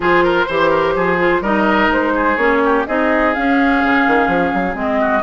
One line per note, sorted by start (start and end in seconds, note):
0.00 0.46 F3
0.00 0.47 F4
0.00 0.23 G#4
0.00 1.44 C5
0.23 0.46 A#4
0.46 0.95 E3
0.46 1.18 G4
0.46 0.70 C5
0.70 0.93 A#4
0.95 1.41 F3
0.95 1.42 G#4
1.18 1.42 F4
1.41 1.88 G3
1.41 2.37 D#4
1.41 2.13 A#4
1.41 1.91 D#5
1.89 2.36 G#3
1.89 2.36 C5
2.15 2.62 G#4
2.36 2.85 A#3
2.36 2.85 C#4
2.36 2.84 C#5
2.64 2.87 G4
2.86 3.35 C4
2.86 3.35 D#4
2.86 5.00 G#4
2.86 3.34 D#5
3.34 4.74 C#4
3.34 3.82 C#4
3.34 4.77 F5
3.82 4.06 C#3
4.07 4.27 D#3
4.27 4.51 F3
4.53 4.74 F#3
4.74 5.22 G#3
4.74 5.22 C4
4.74 5.22 D#5
5.00 5.22 F#4